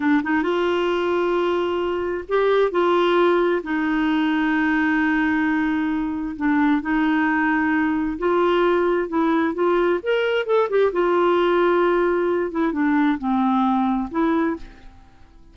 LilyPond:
\new Staff \with { instrumentName = "clarinet" } { \time 4/4 \tempo 4 = 132 d'8 dis'8 f'2.~ | f'4 g'4 f'2 | dis'1~ | dis'2 d'4 dis'4~ |
dis'2 f'2 | e'4 f'4 ais'4 a'8 g'8 | f'2.~ f'8 e'8 | d'4 c'2 e'4 | }